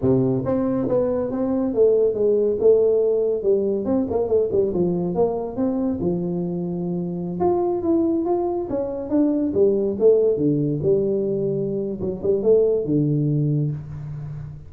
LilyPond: \new Staff \with { instrumentName = "tuba" } { \time 4/4 \tempo 4 = 140 c4 c'4 b4 c'4 | a4 gis4 a2 | g4 c'8 ais8 a8 g8 f4 | ais4 c'4 f2~ |
f4~ f16 f'4 e'4 f'8.~ | f'16 cis'4 d'4 g4 a8.~ | a16 d4 g2~ g8. | fis8 g8 a4 d2 | }